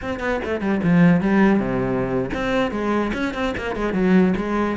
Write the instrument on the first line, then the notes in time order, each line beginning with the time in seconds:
cello
0.01 C4
0.19 B3
0.44 A3
0.60 G3
0.83 F3
1.20 G3
1.59 C3
2.34 C4
2.71 G#3
3.13 C#4
3.34 C4
3.57 A#3
3.75 G#3
3.93 F#3
4.36 G#3